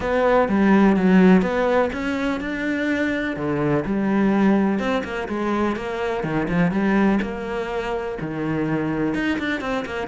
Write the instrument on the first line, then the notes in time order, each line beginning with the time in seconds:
cello
0.00 B3
0.48 G3
0.96 F#3
1.42 B3
1.92 C#4
2.40 D4
3.36 D3
3.85 G3
4.79 C4
5.04 A#3
5.28 G#3
5.76 A#3
6.23 D#3
6.48 F3
6.71 G3
7.22 A#3
8.20 D#3
9.14 D#4
9.38 D4
9.60 C4
9.85 A#3